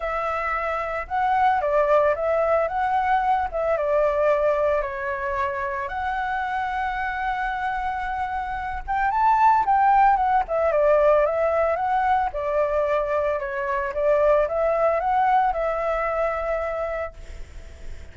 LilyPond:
\new Staff \with { instrumentName = "flute" } { \time 4/4 \tempo 4 = 112 e''2 fis''4 d''4 | e''4 fis''4. e''8 d''4~ | d''4 cis''2 fis''4~ | fis''1~ |
fis''8 g''8 a''4 g''4 fis''8 e''8 | d''4 e''4 fis''4 d''4~ | d''4 cis''4 d''4 e''4 | fis''4 e''2. | }